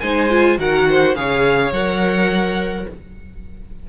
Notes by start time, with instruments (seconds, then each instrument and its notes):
0.00 cello G#3, viola D#4, violin C5 G#5
0.30 viola F4
0.58 cello D#3, viola F#4, violin A#4 F#5
0.90 violin C5
1.15 cello C#3, viola G#4, violin C#5 F5
1.72 cello F#3, viola A#4, violin F#5